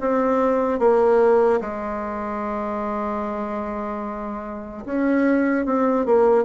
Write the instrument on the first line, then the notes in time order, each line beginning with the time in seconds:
bassoon
0.00 C4
0.79 A#3
1.60 G#3
4.85 C#4
5.65 C4
6.05 A#3